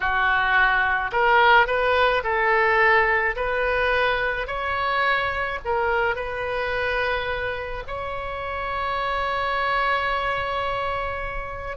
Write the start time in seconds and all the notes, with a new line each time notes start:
0.00 F#4
1.12 A#4
1.66 B4
2.23 A4
3.36 B4
4.47 C#5
5.64 A#4
6.15 B4
7.87 C#5